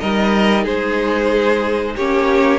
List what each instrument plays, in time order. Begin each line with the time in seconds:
0.00 cello G3, viola D#4, violin A#4 D#5
0.64 cello G#3, violin G#4 C5
1.96 cello A#3, viola C#4, violin G4 C#5